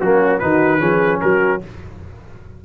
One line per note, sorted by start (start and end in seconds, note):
0.00 0.41 F#3
0.00 0.41 A#3
0.00 0.41 C#4
0.00 0.39 F#4
0.39 0.80 D#3
0.39 0.79 D#4
0.39 0.79 F#4
0.39 1.20 B4
0.79 1.21 F3
0.79 1.60 C#4
0.79 1.20 G#4
1.20 1.64 F#3
1.20 1.62 F#4
1.20 1.61 A#4